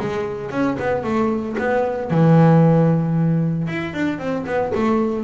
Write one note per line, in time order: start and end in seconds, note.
0.00 0.50 G#3
0.50 0.77 C#4
0.79 1.03 B3
1.03 1.56 A3
1.58 2.11 B3
2.11 3.68 E3
3.68 3.94 E4
3.94 4.19 D4
4.19 4.45 C4
4.46 4.72 B3
4.75 5.24 A3